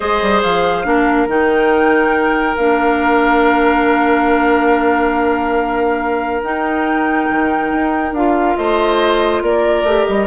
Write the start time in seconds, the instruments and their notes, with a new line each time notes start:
0.00 bassoon G#3, clarinet G#4, oboe C5, flute D#5
0.21 bassoon G3
0.42 bassoon F3, flute F5
0.84 bassoon A#3, clarinet D4, oboe A#4
1.27 bassoon D#3, clarinet D#4, flute G5
2.56 bassoon A#3, clarinet D4, flute F5
6.42 bassoon D#4, clarinet D#4, flute G5
7.30 bassoon D#3
7.71 bassoon D#4
8.11 bassoon D4, clarinet F4, flute F5
8.56 bassoon A3, oboe C5, flute D#5
9.42 bassoon A#3, oboe A#4, flute D5
9.83 bassoon A3, clarinet G4
10.04 bassoon G3, flute D#5